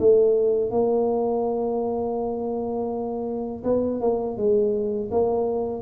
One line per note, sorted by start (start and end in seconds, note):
0.00 0.71 A3
0.71 3.64 A#3
3.65 4.01 B3
4.01 4.37 A#3
4.37 5.11 G#3
5.12 5.83 A#3